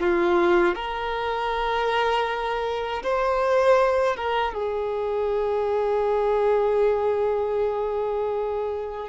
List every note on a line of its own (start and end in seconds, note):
0.00 0.75 F4
0.75 3.03 A#4
3.03 4.17 C5
4.17 4.54 A#4
4.54 9.09 G#4